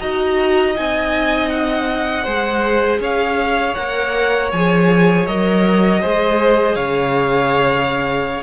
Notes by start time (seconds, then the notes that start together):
0.00 D#4 F#4 D#5 A#5
0.76 C4 D#4 G#5
1.50 F#5
2.24 G#3 G#4 C5
3.00 C#4 C#5 F5
3.75 A#3 A#4 F#5
4.52 F3 G#4 G#5
5.27 F#3 A#4 D#5
6.01 G#3 G#4 C5
6.76 C#3 C#5 F5